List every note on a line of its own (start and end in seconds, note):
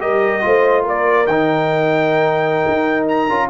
0.00 0.44 G3
0.00 0.41 G4
0.00 0.44 A#4
0.00 0.85 D#5
0.41 0.87 A3
0.41 1.26 F4
0.41 0.84 C5
0.84 1.27 A#3
0.84 3.48 A#4
0.84 1.27 D5
1.27 2.65 D#3
1.27 3.30 D#4
1.27 3.06 G5
2.68 3.29 D#4
3.08 3.50 A#5
3.29 3.50 C#4
3.29 3.50 F4